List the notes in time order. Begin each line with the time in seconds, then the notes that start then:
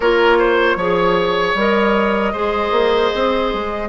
0.00 A#3 F4 A#4 C#5
0.38 C5
0.75 F3 G#4 C#5
1.54 G3 A#4 D#5
2.32 G#3 G#4 C5
2.71 A#3
3.14 C4
3.53 G#3